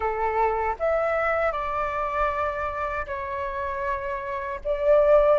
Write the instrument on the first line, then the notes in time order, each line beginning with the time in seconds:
flute
0.00 A4
0.79 E5
1.52 D5
3.06 C#5
4.64 D5